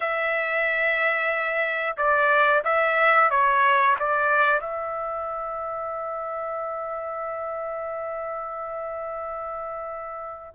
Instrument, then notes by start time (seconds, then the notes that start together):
trumpet
0.00 E5
1.97 D5
2.64 E5
3.30 C#5
3.99 D5
4.60 E5